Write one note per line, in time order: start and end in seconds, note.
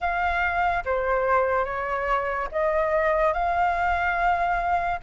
0.00 0.84 F5
0.84 1.64 C5
1.64 2.48 C#5
2.51 3.33 D#5
3.33 4.99 F5